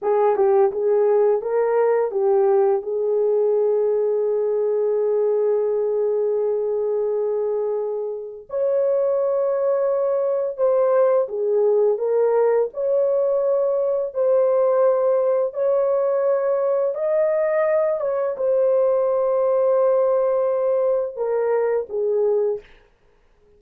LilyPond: \new Staff \with { instrumentName = "horn" } { \time 4/4 \tempo 4 = 85 gis'8 g'8 gis'4 ais'4 g'4 | gis'1~ | gis'1 | cis''2. c''4 |
gis'4 ais'4 cis''2 | c''2 cis''2 | dis''4. cis''8 c''2~ | c''2 ais'4 gis'4 | }